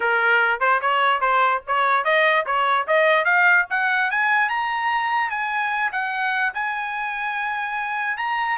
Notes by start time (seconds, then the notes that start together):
0.00 A#4
0.60 C5
0.81 C#5
1.20 C5
1.67 C#5
2.04 D#5
2.45 C#5
2.87 D#5
3.24 F5
3.70 F#5
4.10 G#5
4.49 A#5
5.30 G#5
5.91 F#5
6.54 G#5
8.17 A#5